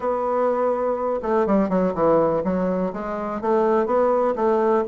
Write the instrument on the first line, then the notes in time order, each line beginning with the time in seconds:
bassoon
0.00 B3
1.22 A3
1.46 G3
1.69 F#3
1.94 E3
2.43 F#3
2.93 G#3
3.41 A3
3.86 B3
4.35 A3